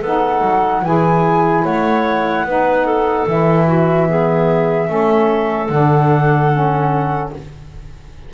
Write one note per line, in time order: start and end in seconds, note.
0.00 0.41 B3
0.00 0.84 D#4
0.00 0.81 A4
0.00 0.85 F#5
0.41 0.82 F#3
0.82 1.63 E3
0.82 2.46 E4
0.82 1.64 G#4
0.82 1.64 G#5
1.64 2.44 A3
1.64 2.45 C#5
1.64 3.27 F#5
2.44 3.25 B3
2.44 3.28 D#4
2.44 2.85 B4
2.85 3.67 A4
3.26 4.89 E3
3.26 4.07 E4
3.26 5.67 E5
3.67 4.07 F#4
4.07 4.86 B3
4.07 4.89 G#4
4.86 5.69 A3
4.86 5.67 C#4
4.86 7.33 A4
5.67 7.31 D3
5.67 6.51 D4
5.67 7.29 F#5
6.51 7.32 C#4